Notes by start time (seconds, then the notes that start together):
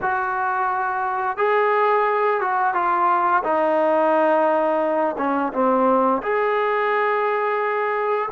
0.01 F#4
1.37 G#4
2.40 F#4
2.74 F4
3.43 D#4
5.17 C#4
5.53 C4
6.22 G#4